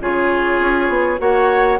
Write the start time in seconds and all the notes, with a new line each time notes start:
0.00 C#3 F4 G#4 C#5
0.60 C#4
0.89 B3
1.18 A#3 F#4 C#5 F#5